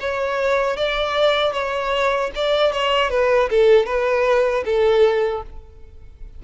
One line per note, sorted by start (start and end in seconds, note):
0.00 0.77 C#5
0.77 1.53 D5
1.53 2.31 C#5
2.35 2.72 D5
2.72 3.10 C#5
3.10 3.49 B4
3.49 3.86 A4
3.86 4.64 B4
4.65 5.43 A4